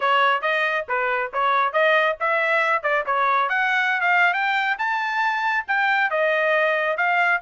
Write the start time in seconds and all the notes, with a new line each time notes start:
0.00 C#5
0.41 D#5
0.88 B4
1.33 C#5
1.73 D#5
2.20 E5
2.82 D5
3.06 C#5
3.49 F#5
4.01 F5
4.33 G5
4.78 A5
5.67 G5
6.10 D#5
6.97 F5